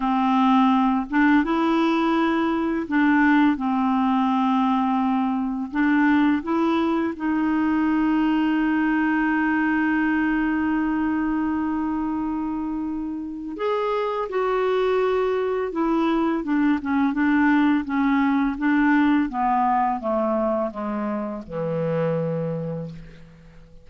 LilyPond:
\new Staff \with { instrumentName = "clarinet" } { \time 4/4 \tempo 4 = 84 c'4. d'8 e'2 | d'4 c'2. | d'4 e'4 dis'2~ | dis'1~ |
dis'2. gis'4 | fis'2 e'4 d'8 cis'8 | d'4 cis'4 d'4 b4 | a4 gis4 e2 | }